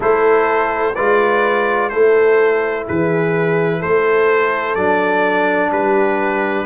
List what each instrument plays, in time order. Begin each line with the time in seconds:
0.00 tuba A3, trombone E4, horn A4, trumpet C5
0.94 tuba G#3, trombone F4, horn B4, trumpet D5
1.89 tuba A3, trombone E4, horn A4, trumpet C5
2.86 tuba E3, horn G#4, trumpet B4
3.80 tuba A3, horn A4, trumpet C5
4.75 tuba F#3, trombone D4, trumpet D5
5.70 tuba G3, horn G4, trumpet B4